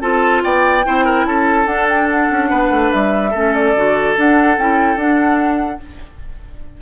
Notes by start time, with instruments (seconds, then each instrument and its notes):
0.00 bassoon C4, clarinet F4, oboe A4, flute A5
0.43 bassoon B3, oboe D5, flute G5
0.84 bassoon C4, clarinet E4, oboe C5
1.05 oboe A#4
1.24 bassoon C#4, oboe A4, flute A5
1.65 clarinet D4, bassoon D4, flute F#5
1.88 flute G5
2.09 flute F#5
2.30 bassoon C#4
2.50 bassoon B3, oboe B4
2.70 bassoon A3
2.92 bassoon G3, flute E5
3.30 bassoon A3, clarinet C#4, oboe A4
3.54 flute D5
3.74 bassoon D3, clarinet F#4
4.15 clarinet D4, bassoon D4, flute F#5
4.57 bassoon C#4, clarinet E4, flute G5
4.95 bassoon D4, clarinet D4, flute F#5